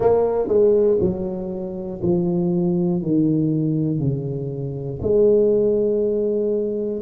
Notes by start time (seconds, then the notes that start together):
0.00 A#3
0.48 G#3
1.00 F#3
2.02 F3
3.01 D#3
3.99 C#3
5.01 G#3